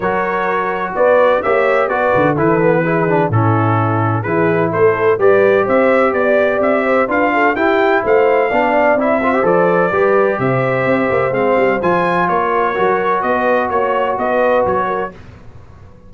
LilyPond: <<
  \new Staff \with { instrumentName = "trumpet" } { \time 4/4 \tempo 4 = 127 cis''2 d''4 e''4 | d''4 b'2 a'4~ | a'4 b'4 c''4 d''4 | e''4 d''4 e''4 f''4 |
g''4 f''2 e''4 | d''2 e''2 | f''4 gis''4 cis''2 | dis''4 cis''4 dis''4 cis''4 | }
  \new Staff \with { instrumentName = "horn" } { \time 4/4 ais'2 b'4 cis''4 | b'4 a'4 gis'4 e'4~ | e'4 gis'4 a'4 b'4 | c''4 d''4. c''8 b'8 a'8 |
g'4 c''4 d''4. c''8~ | c''4 b'4 c''2~ | c''2 ais'2 | b'4 cis''4 b'4. ais'8 | }
  \new Staff \with { instrumentName = "trombone" } { \time 4/4 fis'2. g'4 | fis'4 e'8 b8 e'8 d'8 cis'4~ | cis'4 e'2 g'4~ | g'2. f'4 |
e'2 d'4 e'8 f'16 g'16 | a'4 g'2. | c'4 f'2 fis'4~ | fis'1 | }
  \new Staff \with { instrumentName = "tuba" } { \time 4/4 fis2 b4 ais4 | b8 d8 e2 a,4~ | a,4 e4 a4 g4 | c'4 b4 c'4 d'4 |
e'4 a4 b4 c'4 | f4 g4 c4 c'8 ais8 | gis8 g8 f4 ais4 fis4 | b4 ais4 b4 fis4 | }
>>